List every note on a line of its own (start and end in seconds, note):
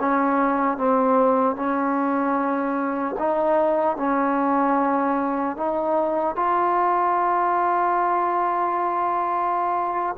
0.00 0.78 C#4
0.78 1.56 C4
1.56 3.16 C#4
3.19 3.97 D#4
3.97 5.57 C#4
5.57 6.36 D#4
6.36 10.16 F4